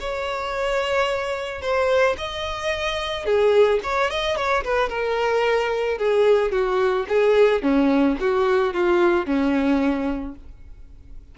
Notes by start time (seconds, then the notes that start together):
0.00 C#5
1.62 C5
2.17 D#5
3.26 G#4
3.83 C#5
4.10 D#5
4.36 C#5
4.64 B4
4.89 A#4
5.98 G#4
6.52 F#4
7.08 G#4
7.63 C#4
8.20 F#4
8.74 F4
9.26 C#4